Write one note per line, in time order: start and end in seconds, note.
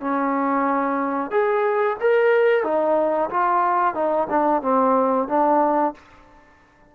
0.00 1.31 C#4
1.31 1.97 G#4
2.00 2.63 A#4
2.63 3.29 D#4
3.30 3.94 F4
3.94 4.27 D#4
4.29 4.62 D4
4.62 5.28 C4
5.28 5.94 D4